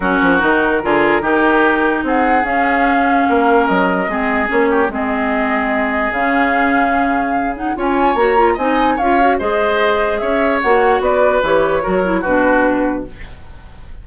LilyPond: <<
  \new Staff \with { instrumentName = "flute" } { \time 4/4 \tempo 4 = 147 ais'1~ | ais'4 fis''4 f''2~ | f''4 dis''2 cis''4 | dis''2. f''4~ |
f''2~ f''8 fis''8 gis''4 | ais''4 gis''4 f''4 dis''4~ | dis''4 e''4 fis''4 d''4 | cis''2 b'2 | }
  \new Staff \with { instrumentName = "oboe" } { \time 4/4 fis'2 gis'4 g'4~ | g'4 gis'2. | ais'2 gis'4. g'8 | gis'1~ |
gis'2. cis''4~ | cis''4 dis''4 cis''4 c''4~ | c''4 cis''2 b'4~ | b'4 ais'4 fis'2 | }
  \new Staff \with { instrumentName = "clarinet" } { \time 4/4 cis'4 dis'4 f'4 dis'4~ | dis'2 cis'2~ | cis'2 c'4 cis'4 | c'2. cis'4~ |
cis'2~ cis'8 dis'8 f'4 | fis'8 f'8 dis'4 f'8 fis'8 gis'4~ | gis'2 fis'2 | g'4 fis'8 e'8 d'2 | }
  \new Staff \with { instrumentName = "bassoon" } { \time 4/4 fis8 f8 dis4 d4 dis4~ | dis4 c'4 cis'2 | ais4 fis4 gis4 ais4 | gis2. cis4~ |
cis2. cis'4 | ais4 c'4 cis'4 gis4~ | gis4 cis'4 ais4 b4 | e4 fis4 b,2 | }
>>